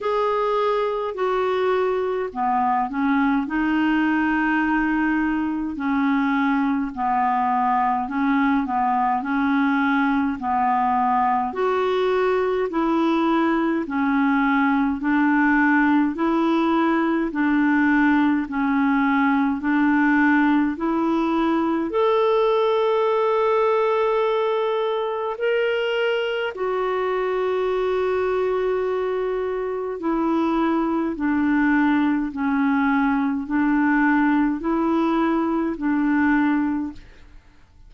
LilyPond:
\new Staff \with { instrumentName = "clarinet" } { \time 4/4 \tempo 4 = 52 gis'4 fis'4 b8 cis'8 dis'4~ | dis'4 cis'4 b4 cis'8 b8 | cis'4 b4 fis'4 e'4 | cis'4 d'4 e'4 d'4 |
cis'4 d'4 e'4 a'4~ | a'2 ais'4 fis'4~ | fis'2 e'4 d'4 | cis'4 d'4 e'4 d'4 | }